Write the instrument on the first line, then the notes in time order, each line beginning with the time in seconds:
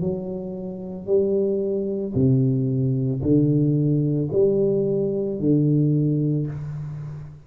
tuba
0.00 F#3
1.07 G3
2.14 C3
3.22 D3
4.32 G3
5.40 D3